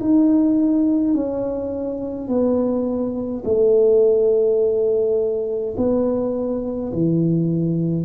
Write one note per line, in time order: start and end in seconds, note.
0.00 1.14 D#4
1.14 2.28 C#4
2.28 3.43 B3
3.45 5.75 A3
5.77 6.92 B3
6.93 8.05 E3